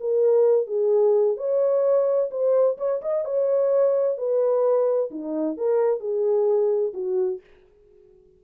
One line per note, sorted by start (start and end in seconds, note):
0.00 0.67 A#4
0.67 1.37 G#4
1.37 2.30 C#5
2.31 2.77 C5
2.78 3.01 C#5
3.02 3.25 D#5
3.25 4.18 C#5
4.18 5.11 B4
5.11 5.58 D#4
5.58 6.00 A#4
6.00 6.93 G#4
6.94 7.40 F#4